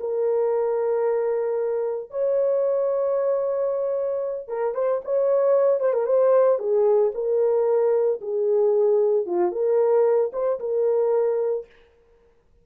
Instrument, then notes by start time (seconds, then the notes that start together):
horn
0.00 A#4
2.10 C#5
4.48 A#4
4.75 C5
5.05 C#5
5.80 C5
5.93 A#4
6.06 C5
6.59 G#4
7.14 A#4
8.21 G#4
9.26 F4
9.52 A#4
10.33 C5
10.60 A#4